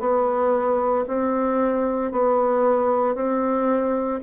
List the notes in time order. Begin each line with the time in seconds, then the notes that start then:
0.00 B3
1.08 C4
2.12 B3
3.15 C4